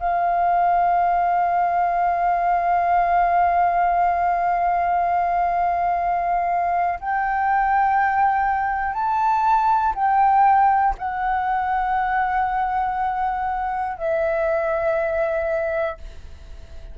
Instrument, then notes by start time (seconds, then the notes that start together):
flute
0.00 F5
7.00 G5
8.94 A5
9.95 G5
10.98 F#5
13.98 E5